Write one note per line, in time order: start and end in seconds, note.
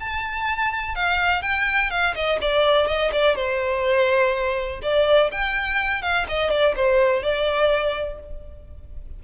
0.00 0.95 A5
0.95 1.42 F5
1.42 1.90 G5
1.90 2.14 F5
2.15 2.39 D#5
2.41 2.87 D5
2.87 3.11 D#5
3.12 3.36 D5
3.36 4.81 C5
4.83 5.31 D5
5.32 6.02 G5
6.02 6.26 F5
6.29 6.51 D#5
6.51 6.75 D5
6.76 7.23 C5
7.23 8.20 D5